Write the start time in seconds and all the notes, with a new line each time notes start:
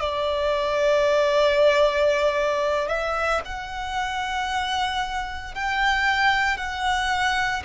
0.00 D5
2.88 E5
3.44 F#5
5.54 G5
6.57 F#5